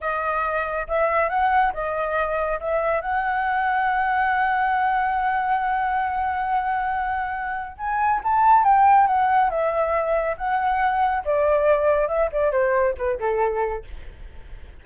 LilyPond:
\new Staff \with { instrumentName = "flute" } { \time 4/4 \tempo 4 = 139 dis''2 e''4 fis''4 | dis''2 e''4 fis''4~ | fis''1~ | fis''1~ |
fis''2 gis''4 a''4 | g''4 fis''4 e''2 | fis''2 d''2 | e''8 d''8 c''4 b'8 a'4. | }